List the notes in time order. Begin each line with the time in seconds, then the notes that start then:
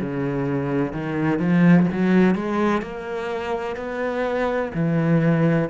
0.00 C#3
0.93 D#3
1.39 F3
1.92 F#3
2.35 G#3
2.81 A#3
3.76 B3
4.74 E3